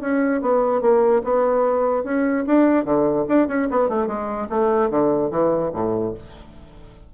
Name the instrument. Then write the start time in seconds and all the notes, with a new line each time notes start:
bassoon
0.00 C#4
0.41 B3
0.81 A#3
1.23 B3
2.03 C#4
2.46 D4
2.84 D3
3.28 D4
3.48 C#4
3.70 B3
3.89 A3
4.06 G#3
4.49 A3
4.90 D3
5.30 E3
5.73 A2